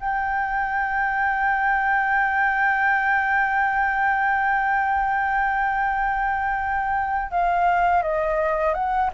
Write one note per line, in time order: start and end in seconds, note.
0.00 7.32 G5
7.32 8.03 F5
8.03 8.74 D#5
8.74 9.11 F#5